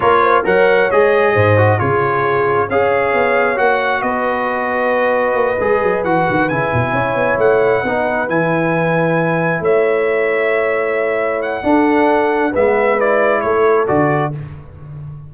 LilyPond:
<<
  \new Staff \with { instrumentName = "trumpet" } { \time 4/4 \tempo 4 = 134 cis''4 fis''4 dis''2 | cis''2 f''2 | fis''4 dis''2.~ | dis''4. fis''4 gis''4.~ |
gis''8 fis''2 gis''4.~ | gis''4. e''2~ e''8~ | e''4. fis''2~ fis''8 | e''4 d''4 cis''4 d''4 | }
  \new Staff \with { instrumentName = "horn" } { \time 4/4 ais'8 c''8 cis''2 c''4 | gis'2 cis''2~ | cis''4 b'2.~ | b'2.~ b'8 cis''8~ |
cis''4. b'2~ b'8~ | b'4. cis''2~ cis''8~ | cis''2 a'2 | b'2 a'2 | }
  \new Staff \with { instrumentName = "trombone" } { \time 4/4 f'4 ais'4 gis'4. fis'8 | f'2 gis'2 | fis'1~ | fis'8 gis'4 fis'4 e'4.~ |
e'4. dis'4 e'4.~ | e'1~ | e'2 d'2 | b4 e'2 fis'4 | }
  \new Staff \with { instrumentName = "tuba" } { \time 4/4 ais4 fis4 gis4 gis,4 | cis2 cis'4 b4 | ais4 b2. | ais8 gis8 fis8 e8 dis8 cis8 b,8 cis'8 |
b8 a4 b4 e4.~ | e4. a2~ a8~ | a2 d'2 | gis2 a4 d4 | }
>>